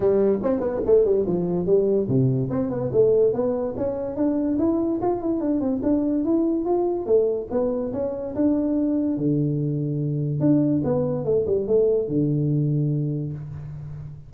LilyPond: \new Staff \with { instrumentName = "tuba" } { \time 4/4 \tempo 4 = 144 g4 c'8 b8 a8 g8 f4 | g4 c4 c'8 b8 a4 | b4 cis'4 d'4 e'4 | f'8 e'8 d'8 c'8 d'4 e'4 |
f'4 a4 b4 cis'4 | d'2 d2~ | d4 d'4 b4 a8 g8 | a4 d2. | }